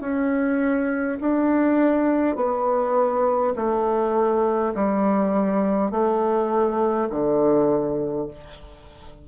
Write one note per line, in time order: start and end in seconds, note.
0.00 1.18 C#4
1.20 2.35 D4
2.35 3.53 B3
3.55 4.73 A3
4.74 5.90 G3
5.90 7.08 A3
7.09 8.27 D3